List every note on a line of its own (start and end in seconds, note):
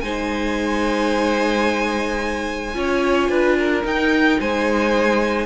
0.00 2.75 G#3
0.00 2.74 D#4
0.00 2.77 C5
0.00 3.82 G#5
2.74 3.29 C#4
2.74 3.83 F4
2.74 3.30 C#5
3.29 3.84 D4
3.29 3.58 B4
3.58 4.40 A#4
3.83 5.46 D#4
3.83 4.39 D#4
3.83 4.40 G5
4.40 5.46 G#3
4.40 5.46 C5
4.40 5.46 G#5